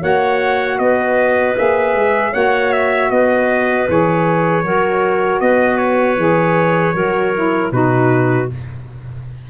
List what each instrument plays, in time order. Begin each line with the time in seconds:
0.00 tuba A#3, saxophone F#4, clarinet C#5, trumpet F#5
0.79 tuba B3, clarinet B4, trumpet D#5
1.57 tuba A#3, saxophone G#4, trumpet E5
1.94 tuba G#3
2.32 tuba A#3, saxophone F#4, clarinet C#5, trumpet F#5
2.72 trumpet E5
3.10 tuba B3, clarinet B4, trumpet D#5
3.88 tuba E3, saxophone G#4, trumpet C#5
4.63 tuba F#3, saxophone F#4, clarinet A#4
5.40 tuba B3, clarinet B4, trumpet D#5
5.78 trumpet C#5
6.17 tuba E3, saxophone G#4
6.94 tuba F#3, saxophone F#4, clarinet A#4
7.35 saxophone E4
7.71 tuba B2, saxophone D#4, clarinet F#4, trumpet B4